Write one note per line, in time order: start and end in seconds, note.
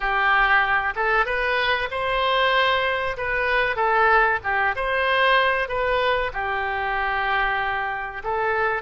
0.00 0.94 G4
0.95 1.25 A4
1.25 1.89 B4
1.90 3.17 C5
3.17 3.76 B4
3.76 4.39 A4
4.43 4.75 G4
4.75 5.68 C5
5.68 6.31 B4
6.33 8.22 G4
8.23 8.82 A4